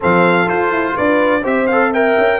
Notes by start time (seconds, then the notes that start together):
0.00 F3 C4 A4 F5
0.46 F4 C5
0.70 E4
0.95 D4 B4 D5
1.41 C4 G4 C5 E5
1.67 A4 F5
1.91 A#4 E5 G5
2.18 C#4